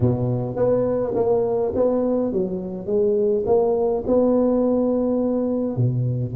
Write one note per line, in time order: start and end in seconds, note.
0.00 0.56 B2
0.56 1.13 B3
1.15 1.72 A#3
1.75 2.32 B3
2.32 2.86 F#3
2.86 3.44 G#3
3.46 4.03 A#3
4.06 5.76 B3
5.76 6.34 B2